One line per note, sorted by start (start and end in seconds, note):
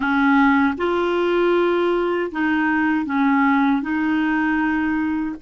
0.00 0.74 C#4
0.77 2.31 F4
2.31 3.05 D#4
3.05 3.81 C#4
3.81 5.35 D#4